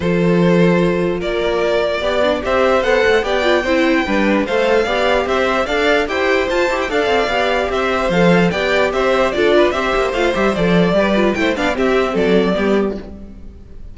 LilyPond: <<
  \new Staff \with { instrumentName = "violin" } { \time 4/4 \tempo 4 = 148 c''2. d''4~ | d''2 e''4 fis''4 | g''2. f''4~ | f''4 e''4 f''4 g''4 |
a''8. g''16 f''2 e''4 | f''4 g''4 e''4 d''4 | e''4 f''8 e''8 d''2 | g''8 f''8 e''4 d''2 | }
  \new Staff \with { instrumentName = "violin" } { \time 4/4 a'2. ais'4~ | ais'4 d''4 c''2 | d''4 c''4 b'4 c''4 | d''4 c''4 d''4 c''4~ |
c''4 d''2 c''4~ | c''4 d''4 c''4 a'8 b'8 | c''2. b'4 | c''8 d''8 g'4 a'4 g'4 | }
  \new Staff \with { instrumentName = "viola" } { \time 4/4 f'1~ | f'4 g'8 d'8 g'4 a'4 | g'8 f'8 e'4 d'4 a'4 | g'2 a'4 g'4 |
f'8 g'8 a'4 g'2 | a'4 g'2 f'4 | g'4 f'8 g'8 a'4 g'8 f'8 | e'8 d'8 c'2 b4 | }
  \new Staff \with { instrumentName = "cello" } { \time 4/4 f2. ais4~ | ais4 b4 c'4 b8 a8 | b4 c'4 g4 a4 | b4 c'4 d'4 e'4 |
f'8 e'8 d'8 c'8 b4 c'4 | f4 b4 c'4 d'4 | c'8 ais8 a8 g8 f4 g4 | a8 b8 c'4 fis4 g4 | }
>>